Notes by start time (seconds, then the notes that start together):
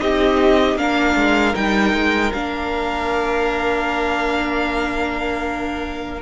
0.00 C4 D#4 G4 D#5
0.76 A#3 D4 F5
0.82 A#4
1.15 G#3
1.54 G3 D#4 G5
1.93 G#3
2.33 A#3 D4 F5